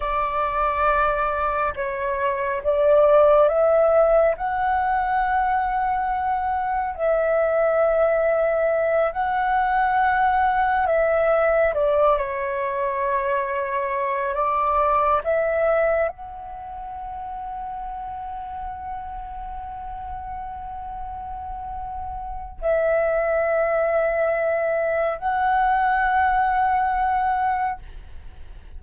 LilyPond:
\new Staff \with { instrumentName = "flute" } { \time 4/4 \tempo 4 = 69 d''2 cis''4 d''4 | e''4 fis''2. | e''2~ e''8 fis''4.~ | fis''8 e''4 d''8 cis''2~ |
cis''8 d''4 e''4 fis''4.~ | fis''1~ | fis''2 e''2~ | e''4 fis''2. | }